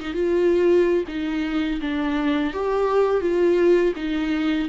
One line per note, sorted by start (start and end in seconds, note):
0.00 0.13 D#4
0.13 1.04 F4
1.08 1.80 D#4
1.81 2.53 D4
2.53 3.21 G4
3.21 3.93 F4
3.96 4.68 D#4